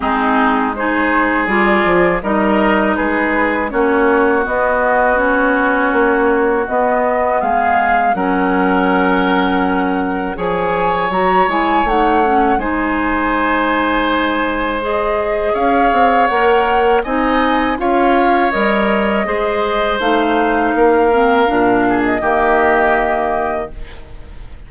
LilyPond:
<<
  \new Staff \with { instrumentName = "flute" } { \time 4/4 \tempo 4 = 81 gis'4 c''4 d''4 dis''4 | b'4 cis''4 dis''4 cis''4~ | cis''4 dis''4 f''4 fis''4~ | fis''2 gis''4 ais''8 gis''8 |
fis''4 gis''2. | dis''4 f''4 fis''4 gis''4 | f''4 dis''2 f''4~ | f''4.~ f''16 dis''2~ dis''16 | }
  \new Staff \with { instrumentName = "oboe" } { \time 4/4 dis'4 gis'2 ais'4 | gis'4 fis'2.~ | fis'2 gis'4 ais'4~ | ais'2 cis''2~ |
cis''4 c''2.~ | c''4 cis''2 dis''4 | cis''2 c''2 | ais'4. gis'8 g'2 | }
  \new Staff \with { instrumentName = "clarinet" } { \time 4/4 c'4 dis'4 f'4 dis'4~ | dis'4 cis'4 b4 cis'4~ | cis'4 b2 cis'4~ | cis'2 gis'4 fis'8 e'8 |
dis'8 cis'8 dis'2. | gis'2 ais'4 dis'4 | f'4 ais'4 gis'4 dis'4~ | dis'8 c'8 d'4 ais2 | }
  \new Staff \with { instrumentName = "bassoon" } { \time 4/4 gis2 g8 f8 g4 | gis4 ais4 b2 | ais4 b4 gis4 fis4~ | fis2 f4 fis8 gis8 |
a4 gis2.~ | gis4 cis'8 c'8 ais4 c'4 | cis'4 g4 gis4 a4 | ais4 ais,4 dis2 | }
>>